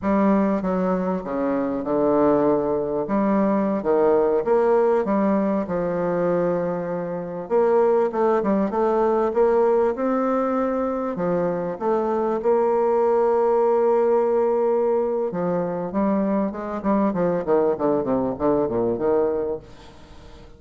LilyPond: \new Staff \with { instrumentName = "bassoon" } { \time 4/4 \tempo 4 = 98 g4 fis4 cis4 d4~ | d4 g4~ g16 dis4 ais8.~ | ais16 g4 f2~ f8.~ | f16 ais4 a8 g8 a4 ais8.~ |
ais16 c'2 f4 a8.~ | a16 ais2.~ ais8.~ | ais4 f4 g4 gis8 g8 | f8 dis8 d8 c8 d8 ais,8 dis4 | }